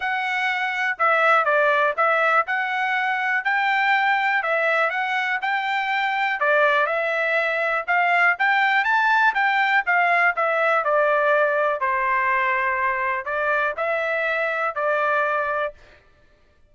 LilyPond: \new Staff \with { instrumentName = "trumpet" } { \time 4/4 \tempo 4 = 122 fis''2 e''4 d''4 | e''4 fis''2 g''4~ | g''4 e''4 fis''4 g''4~ | g''4 d''4 e''2 |
f''4 g''4 a''4 g''4 | f''4 e''4 d''2 | c''2. d''4 | e''2 d''2 | }